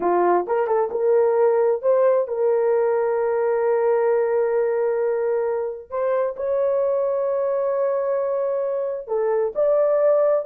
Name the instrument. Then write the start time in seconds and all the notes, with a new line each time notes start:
horn
0.00 F4
0.47 A#4
0.67 A4
0.91 A#4
1.82 C5
2.27 A#4
5.89 C5
6.36 C#5
9.07 A4
9.55 D5